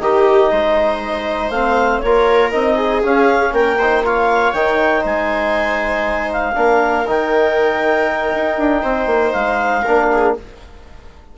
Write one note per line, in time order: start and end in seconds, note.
0.00 0.51 D#3
0.00 1.54 D#4
0.00 0.52 G4
0.00 1.50 D#5
0.52 1.50 G#3
0.52 2.03 C5
1.50 2.00 A3
1.50 2.04 C4
1.50 2.00 F5
2.00 2.53 A#3
2.00 2.52 F4
2.00 2.75 A#4
2.00 2.50 C#5
2.51 3.03 C4
2.51 3.02 D#4
2.51 3.01 D#5
2.75 3.50 G#4
3.02 3.78 C#4
3.02 3.52 C#4
3.02 3.54 F5
3.52 4.53 A#3
3.52 3.79 A#4
3.52 4.04 G5
3.79 4.05 D#4
3.79 4.04 C5
4.05 4.55 F4
4.05 5.01 C#5
4.05 4.53 F5
4.53 5.03 D#3
4.53 6.54 D#4
4.53 5.03 G5
5.01 6.56 G#3
5.01 6.52 C5
5.01 6.32 G#5
6.32 7.07 F5
6.54 7.06 A#3
6.54 7.04 D4
6.54 8.82 A#4
7.07 8.33 D#3
7.07 9.84 D#4
7.07 9.32 G5
8.34 8.57 D#4
8.57 8.83 D4
8.82 9.06 C4
8.82 9.82 C5
9.06 9.31 A#3
9.32 9.85 G#3
9.32 10.33 F5
9.82 10.37 A#3
9.82 10.37 D4
9.82 10.07 A#4
10.12 10.37 G#4